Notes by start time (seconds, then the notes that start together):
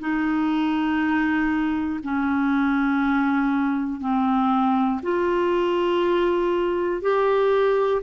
0.00 D#4
2.04 C#4
4.01 C4
5.03 F4
7.02 G4